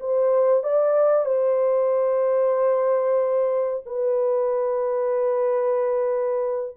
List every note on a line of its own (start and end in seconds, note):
0.00 0.64 C5
0.64 1.26 D5
1.26 3.84 C5
3.86 6.77 B4